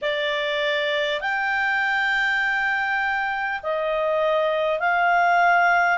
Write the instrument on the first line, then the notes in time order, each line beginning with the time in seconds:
clarinet
0.01 D5
1.20 G5
3.63 D#5
4.79 F5